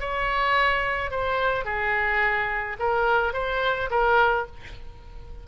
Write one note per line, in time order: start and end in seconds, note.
0.00 1.11 C#5
1.11 1.65 C5
1.65 2.77 G#4
2.79 3.33 A#4
3.33 3.89 C5
3.90 4.47 A#4